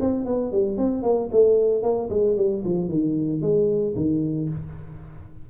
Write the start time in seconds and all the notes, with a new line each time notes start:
0.00 C4
0.25 B3
0.51 G3
0.77 C4
1.02 A#3
1.31 A3
1.82 A#3
2.09 G#3
2.36 G3
2.64 F3
2.88 D#3
3.41 G#3
3.96 D#3